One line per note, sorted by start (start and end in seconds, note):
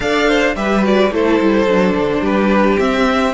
0.00 0.55 D4
0.00 0.53 A4
0.00 0.28 D5
0.00 0.55 F5
0.28 0.56 C5
0.55 1.11 G3
0.55 0.82 G4
0.55 1.13 B4
0.55 0.84 E5
0.82 1.10 F#4
0.82 1.14 D5
1.11 1.39 A3
1.11 1.67 E4
1.11 2.20 A4
1.11 2.25 C5
1.40 1.66 G3
1.66 1.94 F#3
1.66 2.78 D4
1.96 2.20 D3
2.20 2.76 G3
2.20 3.32 G4
2.20 2.79 B4
2.78 3.33 C4
2.78 3.33 E5